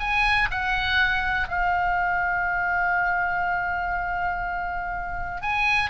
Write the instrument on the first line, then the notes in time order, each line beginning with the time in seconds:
oboe
0.00 G#5
0.51 F#5
1.49 F5
5.42 G#5